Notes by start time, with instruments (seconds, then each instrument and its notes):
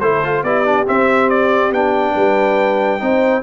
0.00 tuba A3, trombone E4, horn A4, trumpet C5
0.24 trombone F4
0.43 tuba B3, trombone E4, horn G4, trumpet D5
0.65 trombone D4
0.87 trombone C4, tuba C4, trumpet E5
1.29 trumpet D5
1.72 tuba B3, trombone D4, trumpet G5
2.15 tuba G3, horn B4
2.99 tuba C4, trombone D#4, horn C5